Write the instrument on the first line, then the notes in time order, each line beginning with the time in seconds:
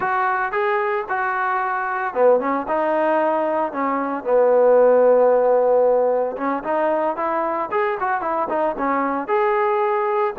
trombone
0.00 F#4
0.51 G#4
1.08 F#4
2.14 B3
2.40 C#4
2.68 D#4
3.72 C#4
4.23 B3
6.36 C#4
6.63 D#4
7.16 E4
7.71 G#4
8.00 F#4
8.21 E4
8.49 D#4
8.78 C#4
9.27 G#4